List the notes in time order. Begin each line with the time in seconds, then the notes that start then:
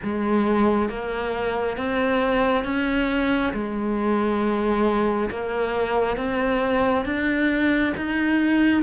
0.03 G#3
0.89 A#3
1.76 C4
2.64 C#4
3.53 G#3
5.29 A#3
6.16 C4
7.05 D4
7.97 D#4